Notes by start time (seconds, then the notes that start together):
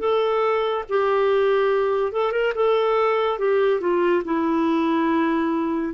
0.00 A4
0.89 G4
2.12 A4
2.32 A#4
2.55 A4
3.39 G4
3.81 F4
4.25 E4